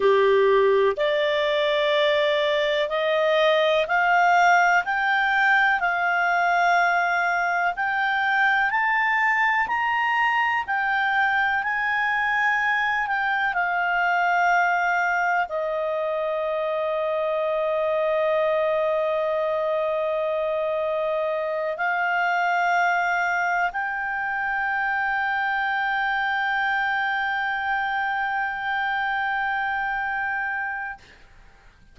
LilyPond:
\new Staff \with { instrumentName = "clarinet" } { \time 4/4 \tempo 4 = 62 g'4 d''2 dis''4 | f''4 g''4 f''2 | g''4 a''4 ais''4 g''4 | gis''4. g''8 f''2 |
dis''1~ | dis''2~ dis''8 f''4.~ | f''8 g''2.~ g''8~ | g''1 | }